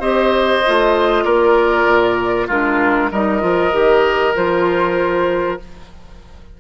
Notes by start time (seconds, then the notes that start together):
0.00 C4 G4 C5 D#5
0.67 A3 F4
1.24 A#3 A#4 D5
1.87 A#2
2.48 G#3 D4 F4 A#4
3.12 G3 D#4 A#4 D#5
3.41 F3 F4
3.73 D#3 G4
4.36 F3 F4 C5